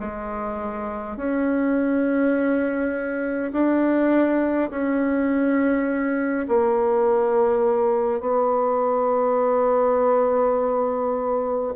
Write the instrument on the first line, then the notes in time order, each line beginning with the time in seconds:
bassoon
0.00 G#3
1.17 C#4
3.52 D4
4.71 C#4
6.48 A#3
8.20 B3